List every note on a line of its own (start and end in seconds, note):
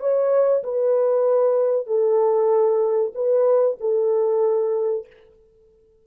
0.00 0.63 C#5
0.64 1.87 B4
1.87 3.13 A4
3.15 3.78 B4
3.80 5.07 A4